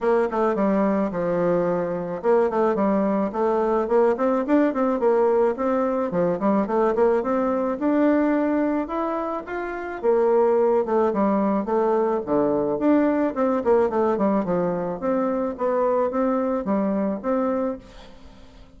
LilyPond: \new Staff \with { instrumentName = "bassoon" } { \time 4/4 \tempo 4 = 108 ais8 a8 g4 f2 | ais8 a8 g4 a4 ais8 c'8 | d'8 c'8 ais4 c'4 f8 g8 | a8 ais8 c'4 d'2 |
e'4 f'4 ais4. a8 | g4 a4 d4 d'4 | c'8 ais8 a8 g8 f4 c'4 | b4 c'4 g4 c'4 | }